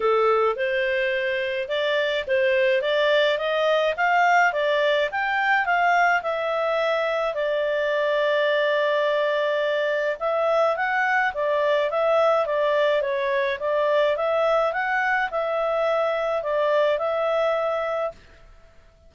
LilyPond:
\new Staff \with { instrumentName = "clarinet" } { \time 4/4 \tempo 4 = 106 a'4 c''2 d''4 | c''4 d''4 dis''4 f''4 | d''4 g''4 f''4 e''4~ | e''4 d''2.~ |
d''2 e''4 fis''4 | d''4 e''4 d''4 cis''4 | d''4 e''4 fis''4 e''4~ | e''4 d''4 e''2 | }